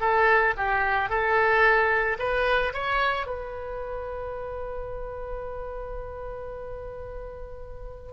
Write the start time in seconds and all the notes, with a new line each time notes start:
0.00 A4
0.57 G4
1.09 A4
2.19 B4
2.73 C#5
3.26 B4